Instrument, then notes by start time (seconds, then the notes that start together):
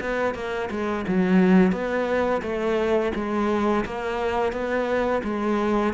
cello
0.00 B3
0.34 A#3
0.70 G#3
1.08 F#3
1.72 B3
2.42 A3
3.15 G#3
3.85 A#3
4.52 B3
5.24 G#3